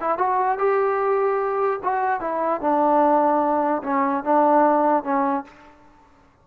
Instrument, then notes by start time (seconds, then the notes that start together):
trombone
0.00 E4
0.18 F#4
0.58 G4
1.83 F#4
2.20 E4
2.60 D4
3.83 C#4
4.24 D4
5.03 C#4